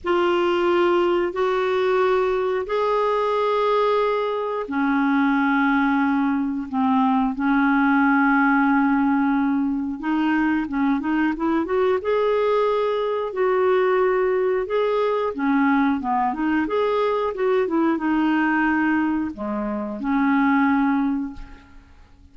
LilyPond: \new Staff \with { instrumentName = "clarinet" } { \time 4/4 \tempo 4 = 90 f'2 fis'2 | gis'2. cis'4~ | cis'2 c'4 cis'4~ | cis'2. dis'4 |
cis'8 dis'8 e'8 fis'8 gis'2 | fis'2 gis'4 cis'4 | b8 dis'8 gis'4 fis'8 e'8 dis'4~ | dis'4 gis4 cis'2 | }